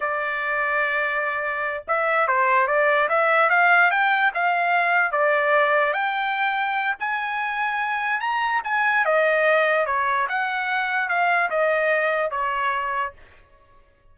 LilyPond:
\new Staff \with { instrumentName = "trumpet" } { \time 4/4 \tempo 4 = 146 d''1~ | d''8 e''4 c''4 d''4 e''8~ | e''8 f''4 g''4 f''4.~ | f''8 d''2 g''4.~ |
g''4 gis''2. | ais''4 gis''4 dis''2 | cis''4 fis''2 f''4 | dis''2 cis''2 | }